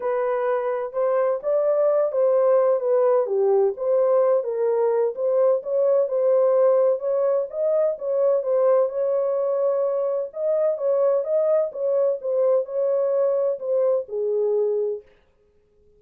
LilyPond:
\new Staff \with { instrumentName = "horn" } { \time 4/4 \tempo 4 = 128 b'2 c''4 d''4~ | d''8 c''4. b'4 g'4 | c''4. ais'4. c''4 | cis''4 c''2 cis''4 |
dis''4 cis''4 c''4 cis''4~ | cis''2 dis''4 cis''4 | dis''4 cis''4 c''4 cis''4~ | cis''4 c''4 gis'2 | }